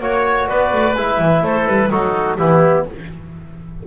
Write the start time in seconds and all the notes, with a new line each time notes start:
0.00 A#3 F#4 C#5
0.48 B3 B4 D5
0.72 A3
0.95 G#3 E4 E5
1.18 E3
1.42 A3 A4 C5
1.67 G3 B4
1.89 F#3 D#4 F#4 A4
2.36 E3 B3 E4 G4